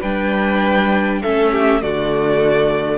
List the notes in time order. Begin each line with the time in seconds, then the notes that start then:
0.00 G3 D4 B4 G5
1.22 A3 C#4 A4 E5
1.52 G4
1.82 D3 A3 F#4 D5